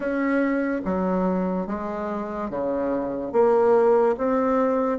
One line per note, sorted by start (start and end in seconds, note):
0.00 0.81 C#4
0.84 1.66 F#3
1.66 2.50 G#3
2.50 3.32 C#3
3.32 4.15 A#3
4.17 4.98 C4